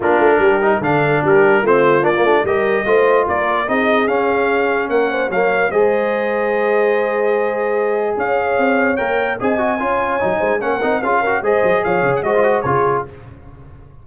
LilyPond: <<
  \new Staff \with { instrumentName = "trumpet" } { \time 4/4 \tempo 4 = 147 ais'2 f''4 ais'4 | c''4 d''4 dis''2 | d''4 dis''4 f''2 | fis''4 f''4 dis''2~ |
dis''1 | f''2 g''4 gis''4~ | gis''2 fis''4 f''4 | dis''4 f''8. fis''16 dis''4 cis''4 | }
  \new Staff \with { instrumentName = "horn" } { \time 4/4 f'4 g'4 a'4 g'4 | f'2 ais'4 c''4 | ais'4 gis'2. | ais'8 c''8 cis''4 c''2~ |
c''1 | cis''2. dis''4 | cis''4. c''8 ais'4 gis'8 ais'8 | c''4 cis''4 c''4 gis'4 | }
  \new Staff \with { instrumentName = "trombone" } { \time 4/4 d'4. dis'8 d'2 | c'4 d'16 ais16 d'8 g'4 f'4~ | f'4 dis'4 cis'2~ | cis'4 ais4 gis'2~ |
gis'1~ | gis'2 ais'4 gis'8 fis'8 | f'4 dis'4 cis'8 dis'8 f'8 fis'8 | gis'2 fis'16 f'16 fis'8 f'4 | }
  \new Staff \with { instrumentName = "tuba" } { \time 4/4 ais8 a8 g4 d4 g4 | a4 ais8 a8 g4 a4 | ais4 c'4 cis'2 | ais4 fis4 gis2~ |
gis1 | cis'4 c'4 ais4 c'4 | cis'4 fis8 gis8 ais8 c'8 cis'4 | gis8 fis8 f8 cis8 gis4 cis4 | }
>>